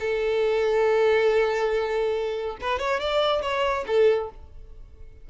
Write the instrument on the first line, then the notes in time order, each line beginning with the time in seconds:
violin
0.00 A4
2.61 B4
2.79 C#5
3.00 D5
3.42 C#5
3.87 A4